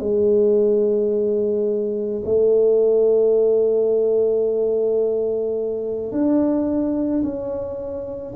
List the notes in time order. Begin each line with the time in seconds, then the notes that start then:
0.00 G#3
2.25 A3
6.12 D4
7.23 C#4